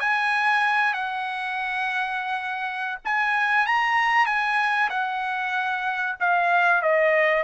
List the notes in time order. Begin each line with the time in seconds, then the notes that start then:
0.00 G#5
0.94 F#5
3.05 G#5
3.66 A#5
4.26 G#5
4.89 F#5
6.20 F5
6.82 D#5